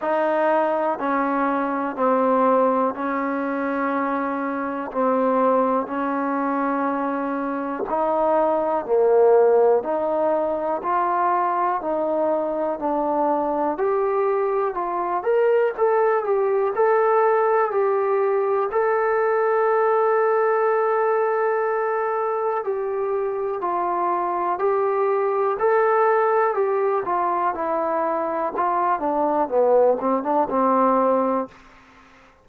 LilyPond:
\new Staff \with { instrumentName = "trombone" } { \time 4/4 \tempo 4 = 61 dis'4 cis'4 c'4 cis'4~ | cis'4 c'4 cis'2 | dis'4 ais4 dis'4 f'4 | dis'4 d'4 g'4 f'8 ais'8 |
a'8 g'8 a'4 g'4 a'4~ | a'2. g'4 | f'4 g'4 a'4 g'8 f'8 | e'4 f'8 d'8 b8 c'16 d'16 c'4 | }